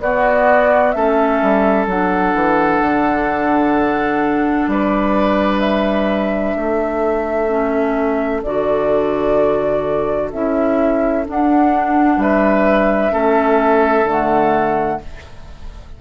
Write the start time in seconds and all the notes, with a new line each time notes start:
0.00 B3 F#4 D5
0.91 A3 C#4 A4 E5
1.42 G3
1.87 F#3 D4 F#5
2.34 E3
2.81 D3
4.67 G3 B4 D5
5.60 E5
6.56 A3 A4
7.48 C#4
8.43 D3 F#4 D5
10.32 C#4 E4 E5
11.26 D4 F#5
12.17 G3 B4 E5
13.11 A3 C#4 A4
14.04 D3 A3 F#5